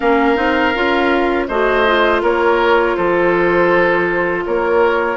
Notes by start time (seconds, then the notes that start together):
0.00 A#3 C#4 A#4 F5
0.35 C4 D#4
0.75 C#4 F4
1.47 A3 F#4 C5 D#5
1.86 F4
2.21 A#3 A#4 C#5
2.96 F3 A4 C5
4.45 A#3 A#4 C#5